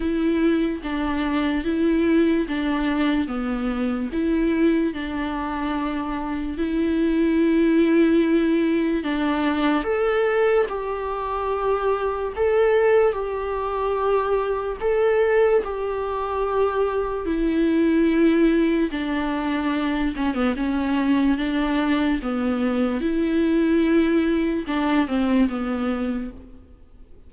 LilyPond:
\new Staff \with { instrumentName = "viola" } { \time 4/4 \tempo 4 = 73 e'4 d'4 e'4 d'4 | b4 e'4 d'2 | e'2. d'4 | a'4 g'2 a'4 |
g'2 a'4 g'4~ | g'4 e'2 d'4~ | d'8 cis'16 b16 cis'4 d'4 b4 | e'2 d'8 c'8 b4 | }